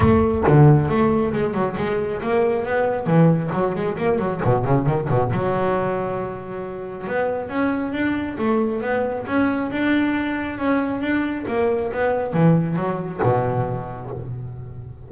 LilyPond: \new Staff \with { instrumentName = "double bass" } { \time 4/4 \tempo 4 = 136 a4 d4 a4 gis8 fis8 | gis4 ais4 b4 e4 | fis8 gis8 ais8 fis8 b,8 cis8 dis8 b,8 | fis1 |
b4 cis'4 d'4 a4 | b4 cis'4 d'2 | cis'4 d'4 ais4 b4 | e4 fis4 b,2 | }